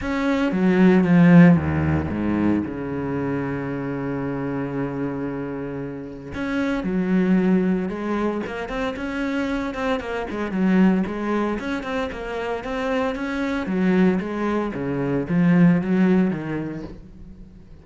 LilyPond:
\new Staff \with { instrumentName = "cello" } { \time 4/4 \tempo 4 = 114 cis'4 fis4 f4 dis,4 | gis,4 cis2.~ | cis1 | cis'4 fis2 gis4 |
ais8 c'8 cis'4. c'8 ais8 gis8 | fis4 gis4 cis'8 c'8 ais4 | c'4 cis'4 fis4 gis4 | cis4 f4 fis4 dis4 | }